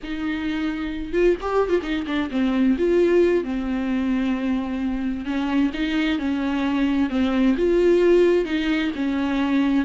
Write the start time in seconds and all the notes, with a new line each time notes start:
0.03 D#4
1.13 F4
1.41 G4
1.69 F4
1.82 D#4
2.06 D4
2.30 C4
2.78 F4
3.44 C4
5.25 C#4
5.73 D#4
6.18 C#4
7.09 C4
7.57 F4
8.45 D#4
8.95 C#4